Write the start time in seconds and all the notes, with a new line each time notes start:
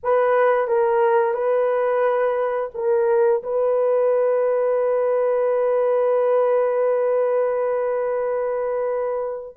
0.03 B4
0.67 A#4
1.34 B4
2.74 A#4
3.43 B4